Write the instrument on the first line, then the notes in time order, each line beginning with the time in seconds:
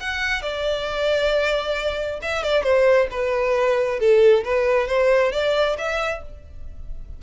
violin
0.00 F#5
0.42 D5
2.22 E5
2.43 D5
2.63 C5
3.10 B4
3.99 A4
4.44 B4
4.87 C5
5.32 D5
5.78 E5